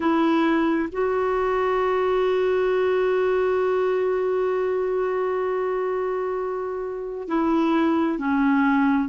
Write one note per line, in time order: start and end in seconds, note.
0.00 0.89 E4
0.92 7.27 F#4
7.27 8.18 E4
8.18 9.08 C#4